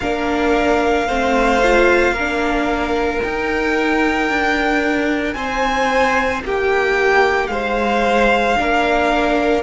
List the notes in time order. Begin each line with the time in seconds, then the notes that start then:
0.00 A#3 D4 A#4 F5
1.07 A3 C4 C5
1.62 F4
2.11 A#3 A#4
2.18 D4
3.22 D#4 G5
4.29 D4
5.33 C4 C5 G#5
6.44 A#3 G4 G5
7.47 G#3 C5 F5
8.57 A#3 D4 A#4